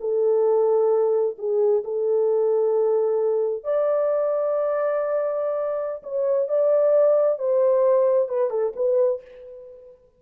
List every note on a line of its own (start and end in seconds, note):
0.00 1.36 A4
1.38 1.83 G#4
1.84 3.64 A4
3.64 6.02 D5
6.03 6.48 C#5
6.48 7.38 D5
7.38 8.29 C5
8.29 8.50 B4
8.50 8.73 A4
8.76 9.21 B4